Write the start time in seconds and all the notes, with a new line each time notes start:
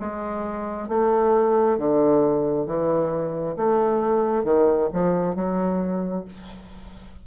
0.00 G#3
0.89 A3
1.79 D3
2.67 E3
3.57 A3
4.45 D#3
4.93 F3
5.36 F#3